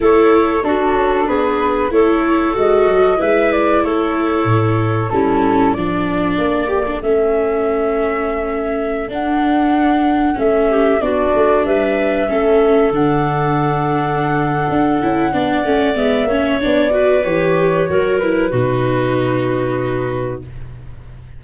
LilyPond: <<
  \new Staff \with { instrumentName = "flute" } { \time 4/4 \tempo 4 = 94 cis''4 a'4 b'4 cis''4 | dis''4 e''8 d''8 cis''2 | a'4 d''2 e''4~ | e''2~ e''16 fis''4.~ fis''16~ |
fis''16 e''4 d''4 e''4.~ e''16~ | e''16 fis''2.~ fis''8.~ | fis''4 e''4 d''4 cis''4~ | cis''8 b'2.~ b'8 | }
  \new Staff \with { instrumentName = "clarinet" } { \time 4/4 a'4 fis'4 gis'4 a'4~ | a'4 b'4 a'2 | e'4 a'2.~ | a'1~ |
a'8. g'8 fis'4 b'4 a'8.~ | a'1 | d''4. cis''4 b'4. | ais'4 fis'2. | }
  \new Staff \with { instrumentName = "viola" } { \time 4/4 e'4 d'2 e'4 | fis'4 e'2. | cis'4 d'4. g'16 d'16 cis'4~ | cis'2~ cis'16 d'4.~ d'16~ |
d'16 cis'4 d'2 cis'8.~ | cis'16 d'2.~ d'16 e'8 | d'8 cis'8 b8 cis'8 d'8 fis'8 g'4 | fis'8 e'8 dis'2. | }
  \new Staff \with { instrumentName = "tuba" } { \time 4/4 a4 d'8 cis'8 b4 a4 | gis8 fis8 gis4 a4 a,4 | g4 f4 ais4 a4~ | a2~ a16 d'4.~ d'16~ |
d'16 a4 b8 a8 g4 a8.~ | a16 d2~ d8. d'8 cis'8 | b8 a8 gis8 ais8 b4 e4 | fis4 b,2. | }
>>